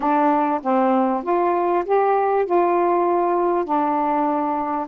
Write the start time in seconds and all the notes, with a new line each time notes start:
0.00 D4
0.62 C4
1.23 F4
1.85 G4
2.45 F4
3.64 D4